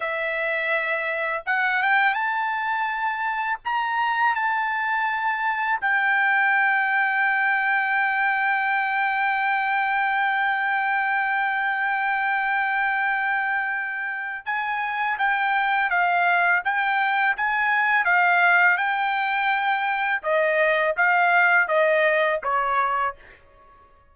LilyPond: \new Staff \with { instrumentName = "trumpet" } { \time 4/4 \tempo 4 = 83 e''2 fis''8 g''8 a''4~ | a''4 ais''4 a''2 | g''1~ | g''1~ |
g''1 | gis''4 g''4 f''4 g''4 | gis''4 f''4 g''2 | dis''4 f''4 dis''4 cis''4 | }